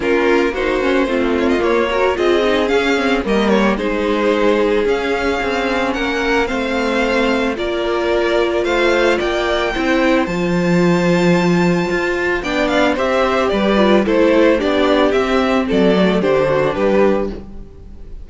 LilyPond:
<<
  \new Staff \with { instrumentName = "violin" } { \time 4/4 \tempo 4 = 111 ais'4 c''4. cis''16 dis''16 cis''4 | dis''4 f''4 dis''8 cis''8 c''4~ | c''4 f''2 fis''4 | f''2 d''2 |
f''4 g''2 a''4~ | a''2. g''8 f''8 | e''4 d''4 c''4 d''4 | e''4 d''4 c''4 b'4 | }
  \new Staff \with { instrumentName = "violin" } { \time 4/4 f'4 fis'4 f'4. ais'8 | gis'2 ais'4 gis'4~ | gis'2. ais'4 | c''2 ais'2 |
c''4 d''4 c''2~ | c''2. d''4 | c''4 b'4 a'4 g'4~ | g'4 a'4 g'8 fis'8 g'4 | }
  \new Staff \with { instrumentName = "viola" } { \time 4/4 cis'4 dis'8 cis'8 c'4 ais8 fis'8 | f'8 dis'8 cis'8 c'8 ais4 dis'4~ | dis'4 cis'2. | c'2 f'2~ |
f'2 e'4 f'4~ | f'2. d'4 | g'4. f'8 e'4 d'4 | c'4. a8 d'2 | }
  \new Staff \with { instrumentName = "cello" } { \time 4/4 ais2 a4 ais4 | c'4 cis'4 g4 gis4~ | gis4 cis'4 c'4 ais4 | a2 ais2 |
a4 ais4 c'4 f4~ | f2 f'4 b4 | c'4 g4 a4 b4 | c'4 fis4 d4 g4 | }
>>